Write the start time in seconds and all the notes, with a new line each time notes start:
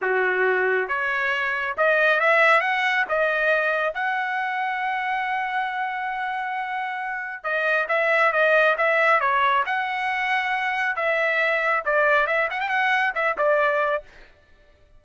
0.01 F#4
0.88 C#5
1.77 D#5
2.20 E5
2.61 F#5
3.08 D#5
3.93 F#5
7.43 D#5
7.88 E5
8.32 D#5
8.77 E5
9.20 C#5
9.66 F#5
10.95 E5
11.85 D5
12.26 E5
12.50 F#5
12.60 G5
12.68 F#5
13.14 E5
13.37 D5